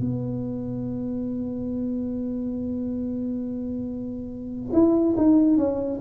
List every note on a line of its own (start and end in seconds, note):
0.00 4.72 B3
4.73 5.15 E4
5.17 5.57 D#4
5.57 6.00 C#4